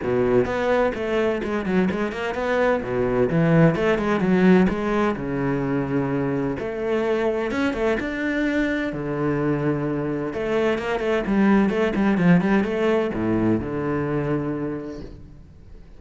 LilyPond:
\new Staff \with { instrumentName = "cello" } { \time 4/4 \tempo 4 = 128 b,4 b4 a4 gis8 fis8 | gis8 ais8 b4 b,4 e4 | a8 gis8 fis4 gis4 cis4~ | cis2 a2 |
cis'8 a8 d'2 d4~ | d2 a4 ais8 a8 | g4 a8 g8 f8 g8 a4 | a,4 d2. | }